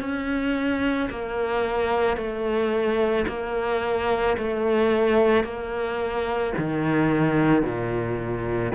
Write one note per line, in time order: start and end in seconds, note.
0.00 1.09 C#4
1.10 2.17 A#3
2.17 3.26 A3
3.28 4.37 A#3
4.37 5.44 A3
5.44 6.53 A#3
6.58 7.63 D#3
7.63 8.72 A#2